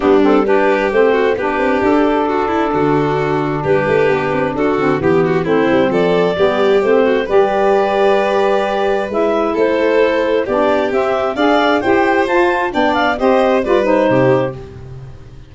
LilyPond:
<<
  \new Staff \with { instrumentName = "clarinet" } { \time 4/4 \tempo 4 = 132 g'8 a'8 b'4 c''4 b'4 | a'1 | b'2 a'4 g'4 | c''4 d''2 c''4 |
d''1 | e''4 c''2 d''4 | e''4 f''4 g''4 a''4 | g''8 f''8 dis''4 d''8 c''4. | }
  \new Staff \with { instrumentName = "violin" } { \time 4/4 d'4 g'4. fis'8 g'4~ | g'4 fis'8 e'8 fis'2 | g'2 fis'4 g'8 fis'8 | e'4 a'4 g'4. fis'8 |
b'1~ | b'4 a'2 g'4~ | g'4 d''4 c''2 | d''4 c''4 b'4 g'4 | }
  \new Staff \with { instrumentName = "saxophone" } { \time 4/4 b8 c'8 d'4 c'4 d'4~ | d'1~ | d'2~ d'8 c'8 b4 | c'2 b4 c'4 |
g'1 | e'2. d'4 | c'4 gis'4 g'4 f'4 | d'4 g'4 f'8 dis'4. | }
  \new Staff \with { instrumentName = "tuba" } { \time 4/4 g2 a4 b8 c'8 | d'2 d2 | g8 a8 b8 c'8 d'8 d8 e4 | a8 g8 f4 g4 a4 |
g1 | gis4 a2 b4 | c'4 d'4 e'4 f'4 | b4 c'4 g4 c4 | }
>>